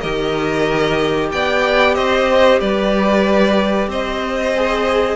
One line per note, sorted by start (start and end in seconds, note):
0.00 1.32 D#3
0.00 4.55 G4
0.00 1.30 A#4
0.00 1.29 D#5
1.31 1.97 B3
1.31 1.96 D5
1.31 1.94 G5
1.94 2.61 C4
1.94 2.59 C5
1.94 2.59 D#5
2.59 3.87 G3
2.59 3.88 B4
2.59 3.89 D5
3.87 5.16 C4
3.87 5.16 C5
3.87 5.16 D#5
4.56 5.16 G#4